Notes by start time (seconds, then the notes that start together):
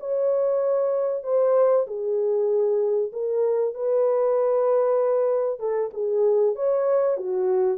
0.00 C#5
1.24 C5
1.87 G#4
3.13 A#4
3.74 B4
5.60 A4
5.94 G#4
6.56 C#5
7.17 F#4